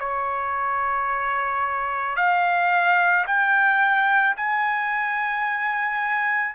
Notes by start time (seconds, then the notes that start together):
0.00 C#5
2.17 F5
3.27 G5
4.37 G#5